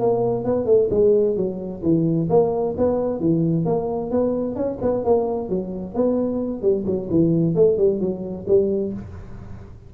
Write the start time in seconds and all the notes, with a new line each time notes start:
0.00 A#3
0.45 B3
0.66 A3
0.91 G#3
1.37 F#3
1.83 E3
2.30 A#3
2.78 B3
3.20 E3
3.66 A#3
4.11 B3
4.56 C#4
4.82 B3
5.05 A#3
5.50 F#3
5.95 B3
6.62 G3
6.87 F#3
7.11 E3
7.56 A3
7.78 G3
8.01 F#3
8.48 G3